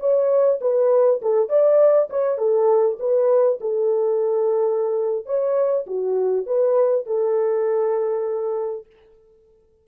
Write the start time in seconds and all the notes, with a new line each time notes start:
0.00 C#5
0.62 B4
1.22 A4
1.49 D5
2.10 C#5
2.38 A4
3.00 B4
3.61 A4
5.26 C#5
5.87 F#4
6.47 B4
7.07 A4